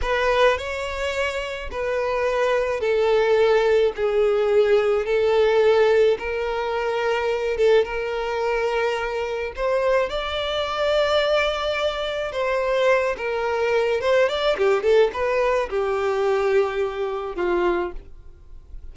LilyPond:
\new Staff \with { instrumentName = "violin" } { \time 4/4 \tempo 4 = 107 b'4 cis''2 b'4~ | b'4 a'2 gis'4~ | gis'4 a'2 ais'4~ | ais'4. a'8 ais'2~ |
ais'4 c''4 d''2~ | d''2 c''4. ais'8~ | ais'4 c''8 d''8 g'8 a'8 b'4 | g'2. f'4 | }